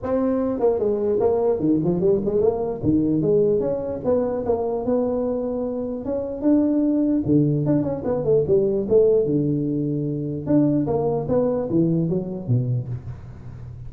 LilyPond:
\new Staff \with { instrumentName = "tuba" } { \time 4/4 \tempo 4 = 149 c'4. ais8 gis4 ais4 | dis8 f8 g8 gis8 ais4 dis4 | gis4 cis'4 b4 ais4 | b2. cis'4 |
d'2 d4 d'8 cis'8 | b8 a8 g4 a4 d4~ | d2 d'4 ais4 | b4 e4 fis4 b,4 | }